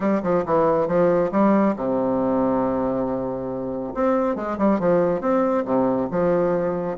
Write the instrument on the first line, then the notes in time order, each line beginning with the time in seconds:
bassoon
0.00 G3
0.22 F3
0.45 E3
0.87 F3
1.31 G3
1.76 C3
3.94 C4
4.35 G#3
4.58 G3
4.79 F3
5.21 C4
5.65 C3
6.10 F3